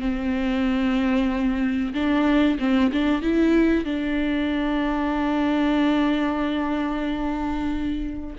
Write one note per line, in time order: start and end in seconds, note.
0.00 1.94 C4
1.94 2.58 D4
2.59 2.91 C4
2.92 3.22 D4
3.22 3.85 E4
3.85 8.36 D4